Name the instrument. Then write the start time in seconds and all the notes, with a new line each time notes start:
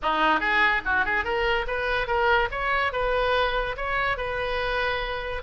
oboe
0.02 D#4
0.39 G#4
0.85 F#4
1.05 G#4
1.24 A#4
1.67 B4
2.07 A#4
2.51 C#5
2.92 B4
3.76 C#5
4.17 B4